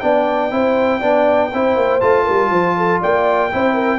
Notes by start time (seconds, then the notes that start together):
0.00 B3 D4 D5 G5
0.50 C4 E4 C5
1.00 B3 D4 D5
1.53 C4 E4 C5
1.76 A#3
2.00 A3 F4 A5
2.24 G3 A#4
2.50 F3 C5
2.77 A4
3.01 A#3 D5 G5
3.51 C4 E4 C5
3.73 A#4